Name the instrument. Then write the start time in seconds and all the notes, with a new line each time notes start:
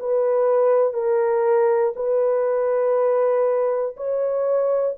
horn
0.00 B4
0.94 A#4
1.96 B4
3.97 C#5